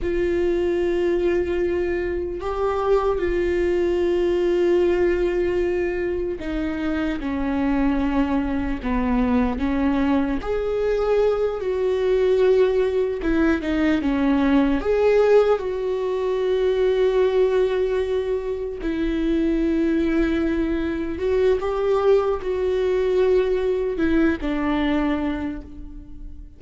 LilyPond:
\new Staff \with { instrumentName = "viola" } { \time 4/4 \tempo 4 = 75 f'2. g'4 | f'1 | dis'4 cis'2 b4 | cis'4 gis'4. fis'4.~ |
fis'8 e'8 dis'8 cis'4 gis'4 fis'8~ | fis'2.~ fis'8 e'8~ | e'2~ e'8 fis'8 g'4 | fis'2 e'8 d'4. | }